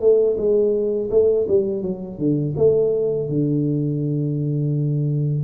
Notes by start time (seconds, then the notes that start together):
0.00 A3
0.37 G#3
1.10 A3
1.48 G3
1.82 F#3
2.19 D3
2.56 A3
3.29 D3